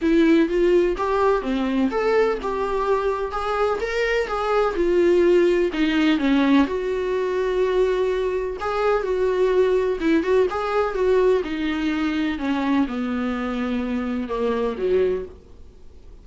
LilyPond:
\new Staff \with { instrumentName = "viola" } { \time 4/4 \tempo 4 = 126 e'4 f'4 g'4 c'4 | a'4 g'2 gis'4 | ais'4 gis'4 f'2 | dis'4 cis'4 fis'2~ |
fis'2 gis'4 fis'4~ | fis'4 e'8 fis'8 gis'4 fis'4 | dis'2 cis'4 b4~ | b2 ais4 fis4 | }